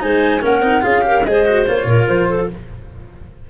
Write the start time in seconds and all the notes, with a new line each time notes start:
0.00 G#3 D#4 C5 G#5
0.41 A#3 C#4 A#4 F#5
0.62 C4 D#4
0.81 C#4 F4 G#4 F5
1.02 G4 A#4
1.25 G#3 G#4 C5 D#5
1.46 F#4
1.66 A#3 F4 C#5
1.85 A#2 A#4
2.08 F3 C5
2.29 A4